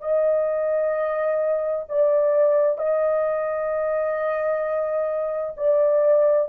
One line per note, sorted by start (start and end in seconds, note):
0.00 1.85 D#5
1.89 2.78 D5
2.78 5.55 D#5
5.56 6.48 D5